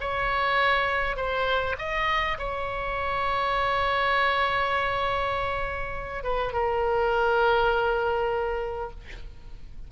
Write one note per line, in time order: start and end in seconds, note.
0.00 1.16 C#5
1.16 1.76 C5
1.78 2.37 D#5
2.38 6.23 C#5
6.23 6.53 B4
6.53 8.90 A#4